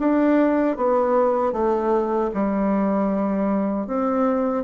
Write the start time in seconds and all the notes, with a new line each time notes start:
0.00 D4
0.77 B3
1.53 A3
2.34 G3
3.87 C4